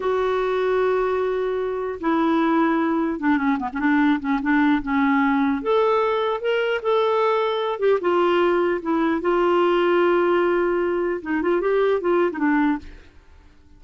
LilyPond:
\new Staff \with { instrumentName = "clarinet" } { \time 4/4 \tempo 4 = 150 fis'1~ | fis'4 e'2. | d'8 cis'8 b16 cis'16 d'4 cis'8 d'4 | cis'2 a'2 |
ais'4 a'2~ a'8 g'8 | f'2 e'4 f'4~ | f'1 | dis'8 f'8 g'4 f'8. dis'16 d'4 | }